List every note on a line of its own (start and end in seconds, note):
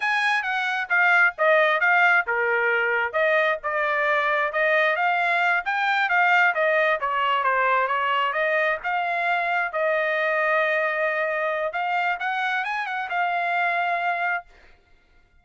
0.00 0.42 G#5
0.42 0.87 F#5
0.89 1.34 F5
1.37 1.80 D#5
1.80 2.25 F5
2.27 3.13 A#4
3.13 3.58 D#5
3.63 4.52 D5
4.52 4.96 D#5
4.96 5.63 F5
5.65 6.09 G5
6.09 6.54 F5
6.54 6.99 D#5
7.00 7.43 C#5
7.43 7.87 C5
7.87 8.32 C#5
8.32 8.77 D#5
8.83 9.72 F5
9.72 11.72 D#5
11.72 12.17 F5
12.19 12.64 F#5
12.64 12.86 G#5
12.86 13.09 F#5
13.09 14.44 F5